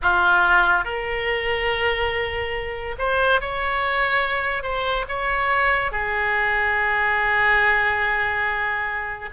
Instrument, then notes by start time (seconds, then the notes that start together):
oboe
0.02 F4
0.84 A#4
2.98 C5
3.40 C#5
4.62 C5
5.08 C#5
5.91 G#4